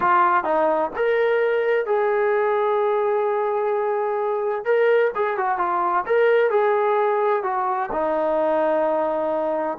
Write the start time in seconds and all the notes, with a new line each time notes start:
0.00 F4
0.44 D#4
0.96 A#4
1.86 G#4
4.64 A#4
5.15 G#4
5.37 F#4
5.58 F4
6.05 A#4
6.50 G#4
7.43 F#4
7.92 D#4